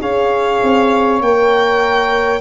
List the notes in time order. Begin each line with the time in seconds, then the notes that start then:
0.00 C#4 G#4 C#5 F5
0.63 C4
1.20 A#3 A#4 G5